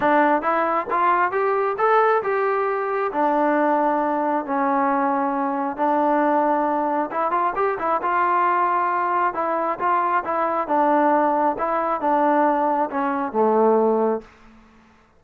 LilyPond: \new Staff \with { instrumentName = "trombone" } { \time 4/4 \tempo 4 = 135 d'4 e'4 f'4 g'4 | a'4 g'2 d'4~ | d'2 cis'2~ | cis'4 d'2. |
e'8 f'8 g'8 e'8 f'2~ | f'4 e'4 f'4 e'4 | d'2 e'4 d'4~ | d'4 cis'4 a2 | }